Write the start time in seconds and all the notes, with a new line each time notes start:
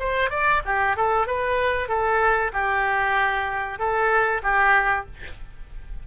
0.00 C5
0.30 D5
0.65 G4
0.97 A4
1.27 B4
1.89 A4
2.53 G4
3.79 A4
4.43 G4